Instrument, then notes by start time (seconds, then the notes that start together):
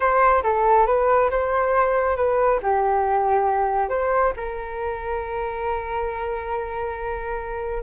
flute
0.00 C5
0.43 A4
0.86 B4
1.30 C5
2.16 B4
2.62 G4
3.89 C5
4.36 A#4